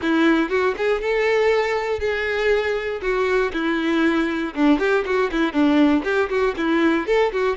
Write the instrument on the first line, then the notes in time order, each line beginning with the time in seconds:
violin
0.02 E4
0.49 F#4
0.77 G#4
1.01 A4
1.99 G#4
3.01 F#4
3.53 E4
4.54 D4
4.79 G4
5.05 F#4
5.31 E4
5.53 D4
6.03 G4
6.29 F#4
6.57 E4
7.06 A4
7.32 F#4